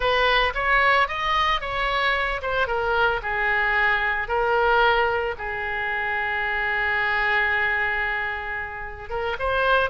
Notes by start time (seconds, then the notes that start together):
0.00 B4
0.54 C#5
1.07 D#5
1.60 C#5
2.41 C5
2.67 A#4
3.22 G#4
4.28 A#4
5.38 G#4
9.09 A#4
9.39 C5